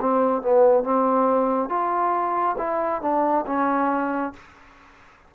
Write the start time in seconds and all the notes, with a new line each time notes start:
0.00 C4
0.42 B3
0.83 C4
1.69 F4
2.58 E4
3.02 D4
3.46 C#4